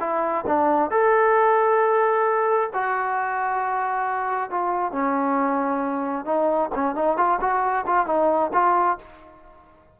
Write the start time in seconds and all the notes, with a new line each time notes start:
0.00 E4
0.47 D4
0.91 A4
2.74 F#4
4.50 F4
4.92 C#4
6.25 D#4
6.74 C#4
6.95 D#4
7.17 F4
7.40 F#4
7.86 F4
8.06 D#4
8.53 F4